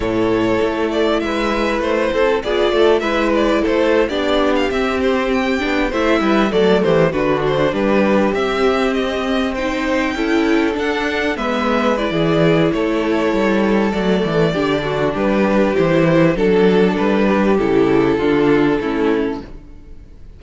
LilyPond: <<
  \new Staff \with { instrumentName = "violin" } { \time 4/4 \tempo 4 = 99 cis''4. d''8 e''4 c''4 | d''4 e''8 d''8 c''8. d''8. f''16 e''16~ | e''16 c''8 g''4 e''4 d''8 c''8 b'16~ | b'16 c''8 b'4 e''4 dis''4 g''16~ |
g''4.~ g''16 fis''4 e''4 d''16~ | d''4 cis''2 d''4~ | d''4 b'4 c''4 a'4 | b'4 a'2. | }
  \new Staff \with { instrumentName = "violin" } { \time 4/4 a'2 b'4. a'8 | gis'8 a'8 b'4 a'8. g'4~ g'16~ | g'4.~ g'16 c''8 b'8 a'8 g'8 fis'16~ | fis'8. g'2. c''16~ |
c''8. a'2 b'4~ b'16 | gis'4 a'2. | g'8 fis'8 g'2 a'4~ | a'8 g'4. f'4 e'4 | }
  \new Staff \with { instrumentName = "viola" } { \time 4/4 e'1 | f'4 e'4.~ e'16 d'4 c'16~ | c'4~ c'16 d'8 e'4 a4 d'16~ | d'4.~ d'16 c'2 dis'16~ |
dis'8. e'4 d'4 b4 e'16~ | e'2. a4 | d'2 e'4 d'4~ | d'4 e'4 d'4 cis'4 | }
  \new Staff \with { instrumentName = "cello" } { \time 4/4 a,4 a4 gis4 a8 c'8 | b8 a8 gis4 a8. b4 c'16~ | c'4~ c'16 b8 a8 g8 fis8 e8 d16~ | d8. g4 c'2~ c'16~ |
c'8. cis'4 d'4 gis4~ gis16 | e4 a4 g4 fis8 e8 | d4 g4 e4 fis4 | g4 cis4 d4 a4 | }
>>